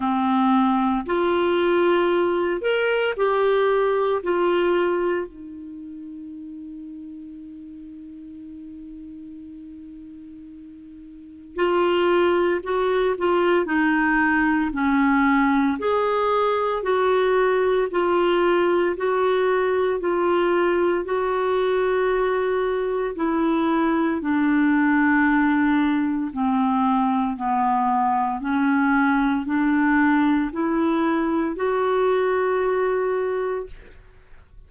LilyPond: \new Staff \with { instrumentName = "clarinet" } { \time 4/4 \tempo 4 = 57 c'4 f'4. ais'8 g'4 | f'4 dis'2.~ | dis'2. f'4 | fis'8 f'8 dis'4 cis'4 gis'4 |
fis'4 f'4 fis'4 f'4 | fis'2 e'4 d'4~ | d'4 c'4 b4 cis'4 | d'4 e'4 fis'2 | }